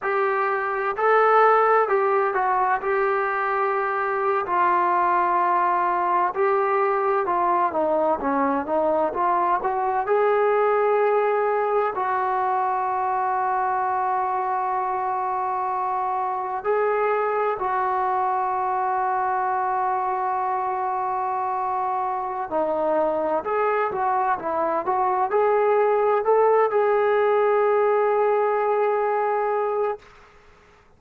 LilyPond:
\new Staff \with { instrumentName = "trombone" } { \time 4/4 \tempo 4 = 64 g'4 a'4 g'8 fis'8 g'4~ | g'8. f'2 g'4 f'16~ | f'16 dis'8 cis'8 dis'8 f'8 fis'8 gis'4~ gis'16~ | gis'8. fis'2.~ fis'16~ |
fis'4.~ fis'16 gis'4 fis'4~ fis'16~ | fis'1 | dis'4 gis'8 fis'8 e'8 fis'8 gis'4 | a'8 gis'2.~ gis'8 | }